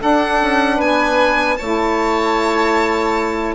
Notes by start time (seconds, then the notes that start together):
0.00 D4 A4 F#5
0.41 C#4
0.76 B3 B4 G#5
1.57 A3 E4 C#5 A5